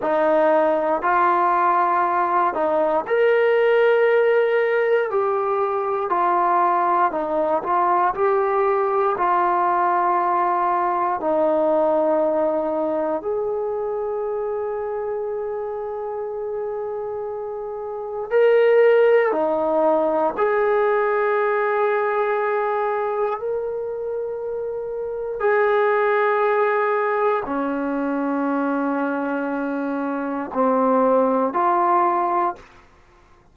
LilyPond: \new Staff \with { instrumentName = "trombone" } { \time 4/4 \tempo 4 = 59 dis'4 f'4. dis'8 ais'4~ | ais'4 g'4 f'4 dis'8 f'8 | g'4 f'2 dis'4~ | dis'4 gis'2.~ |
gis'2 ais'4 dis'4 | gis'2. ais'4~ | ais'4 gis'2 cis'4~ | cis'2 c'4 f'4 | }